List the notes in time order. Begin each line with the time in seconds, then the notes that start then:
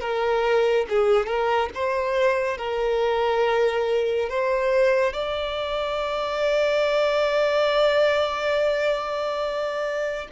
0.00 A#4
0.89 G#4
1.26 A#4
1.75 C5
2.58 A#4
4.29 C5
5.13 D5